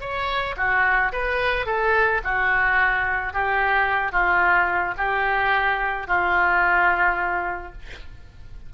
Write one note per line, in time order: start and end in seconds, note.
0.00 0.55 C#5
0.57 1.12 F#4
1.12 1.66 B4
1.66 2.21 A4
2.24 3.33 F#4
3.33 4.12 G4
4.12 4.94 F4
4.97 6.07 G4
6.07 7.72 F4